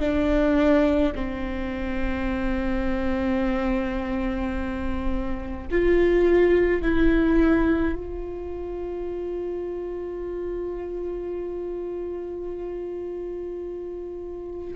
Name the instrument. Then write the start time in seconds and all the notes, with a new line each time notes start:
viola
0.00 D4
1.16 C4
5.71 F4
6.82 E4
7.96 F4